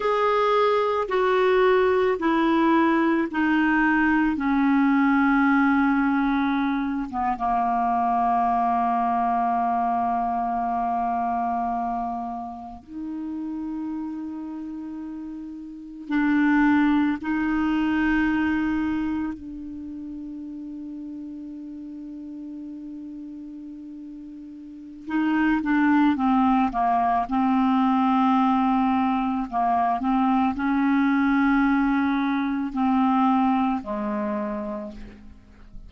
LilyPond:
\new Staff \with { instrumentName = "clarinet" } { \time 4/4 \tempo 4 = 55 gis'4 fis'4 e'4 dis'4 | cis'2~ cis'8 b16 ais4~ ais16~ | ais2.~ ais8. dis'16~ | dis'2~ dis'8. d'4 dis'16~ |
dis'4.~ dis'16 d'2~ d'16~ | d'2. dis'8 d'8 | c'8 ais8 c'2 ais8 c'8 | cis'2 c'4 gis4 | }